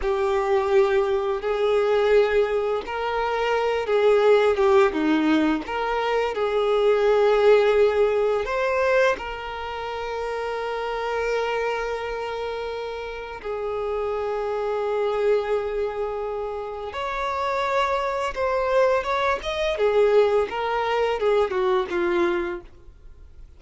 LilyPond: \new Staff \with { instrumentName = "violin" } { \time 4/4 \tempo 4 = 85 g'2 gis'2 | ais'4. gis'4 g'8 dis'4 | ais'4 gis'2. | c''4 ais'2.~ |
ais'2. gis'4~ | gis'1 | cis''2 c''4 cis''8 dis''8 | gis'4 ais'4 gis'8 fis'8 f'4 | }